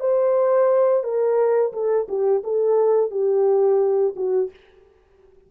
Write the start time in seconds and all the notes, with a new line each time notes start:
0.00 C5
1.03 A#4
1.73 A4
2.08 G4
2.44 A4
3.11 G4
4.16 F#4